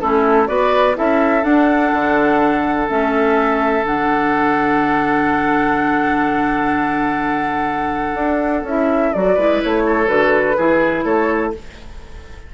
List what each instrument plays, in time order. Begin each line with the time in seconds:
0.00 bassoon A3, clarinet C#4, oboe E4, flute A4
0.47 bassoon B3, clarinet F#4, oboe B4, flute D5
0.94 bassoon C#4, clarinet E4, oboe A4, flute E5
1.44 bassoon D4, clarinet D4, flute F#5
1.93 bassoon D3
2.88 bassoon A3, clarinet C#4, flute E5
3.83 bassoon D3, clarinet D4, flute F#5
8.15 bassoon D4
8.63 bassoon C#4, clarinet E4, flute E5
9.13 bassoon F#3, clarinet F#4, flute D5
9.34 bassoon G#3, clarinet E4, oboe B4
9.63 bassoon A3, flute C#5
9.86 oboe A4
10.07 bassoon D3, clarinet F#4, flute B4
10.56 bassoon E3, clarinet E4, oboe G#4
11.04 bassoon A3, oboe A4, flute C#5